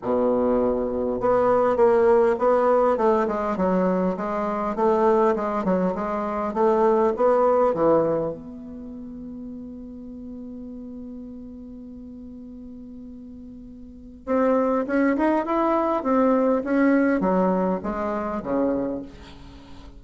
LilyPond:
\new Staff \with { instrumentName = "bassoon" } { \time 4/4 \tempo 4 = 101 b,2 b4 ais4 | b4 a8 gis8 fis4 gis4 | a4 gis8 fis8 gis4 a4 | b4 e4 b2~ |
b1~ | b1 | c'4 cis'8 dis'8 e'4 c'4 | cis'4 fis4 gis4 cis4 | }